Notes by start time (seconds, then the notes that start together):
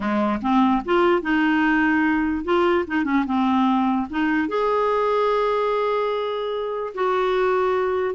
0.00 G#3
0.41 C4
0.85 F4
1.21 D#4
2.44 F4
2.87 D#4
3.04 C#4
3.26 C4
4.09 D#4
4.48 G#4
6.94 F#4